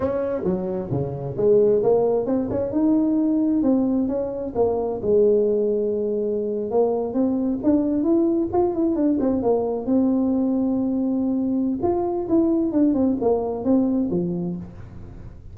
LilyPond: \new Staff \with { instrumentName = "tuba" } { \time 4/4 \tempo 4 = 132 cis'4 fis4 cis4 gis4 | ais4 c'8 cis'8 dis'2 | c'4 cis'4 ais4 gis4~ | gis2~ gis8. ais4 c'16~ |
c'8. d'4 e'4 f'8 e'8 d'16~ | d'16 c'8 ais4 c'2~ c'16~ | c'2 f'4 e'4 | d'8 c'8 ais4 c'4 f4 | }